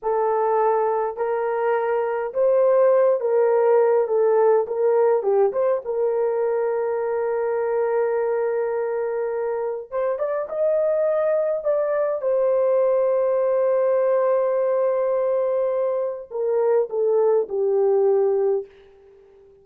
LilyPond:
\new Staff \with { instrumentName = "horn" } { \time 4/4 \tempo 4 = 103 a'2 ais'2 | c''4. ais'4. a'4 | ais'4 g'8 c''8 ais'2~ | ais'1~ |
ais'4 c''8 d''8 dis''2 | d''4 c''2.~ | c''1 | ais'4 a'4 g'2 | }